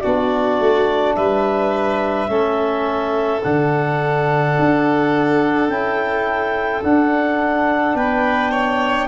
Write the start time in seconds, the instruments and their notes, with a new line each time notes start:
0.00 tuba B3, trombone D4, violin F#4, clarinet D5
0.59 tuba A3
1.14 tuba G3, violin B4, clarinet E5
2.28 tuba A3, trombone C#4, violin A4
3.42 tuba D3, trombone D4, clarinet F#5
4.58 tuba D4
5.68 tuba C#4, trombone E4, clarinet G5
6.83 tuba D4, trombone D4, clarinet F#5
7.94 tuba B3, violin B4, clarinet G5
8.51 violin C#5